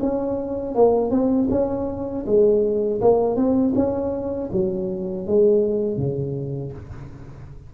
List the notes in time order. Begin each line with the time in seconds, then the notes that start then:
0.00 C#4
0.75 A#3
1.10 C4
1.50 C#4
2.26 G#3
3.01 A#3
3.36 C4
3.75 C#4
4.52 F#3
5.27 G#3
5.97 C#3